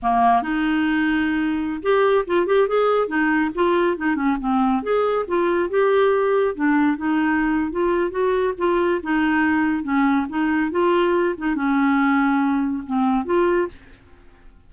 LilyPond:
\new Staff \with { instrumentName = "clarinet" } { \time 4/4 \tempo 4 = 140 ais4 dis'2.~ | dis'16 g'4 f'8 g'8 gis'4 dis'8.~ | dis'16 f'4 dis'8 cis'8 c'4 gis'8.~ | gis'16 f'4 g'2 d'8.~ |
d'16 dis'4.~ dis'16 f'4 fis'4 | f'4 dis'2 cis'4 | dis'4 f'4. dis'8 cis'4~ | cis'2 c'4 f'4 | }